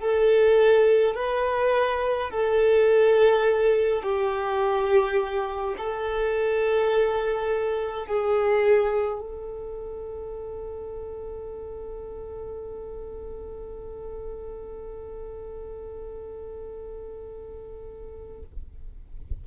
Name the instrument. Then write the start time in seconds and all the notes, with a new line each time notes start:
violin
0.00 A4
1.15 B4
2.31 A4
4.03 G4
5.78 A4
8.07 G#4
9.21 A4